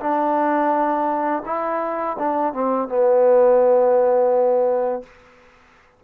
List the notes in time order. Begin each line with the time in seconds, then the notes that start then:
0.00 D4
1.46 E4
2.19 D4
2.53 C4
2.89 B3